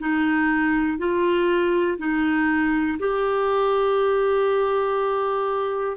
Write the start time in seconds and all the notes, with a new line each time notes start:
0.00 D#4
0.98 F4
1.98 D#4
2.99 G4